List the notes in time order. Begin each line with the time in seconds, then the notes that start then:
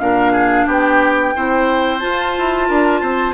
0.00 A#2 D4 A#4 F5
0.32 G#4
0.66 B3 G4 G5
1.35 C4 E4 C5
1.99 F4 A5
2.38 E4
2.68 D4 A#4
3.01 C4 C5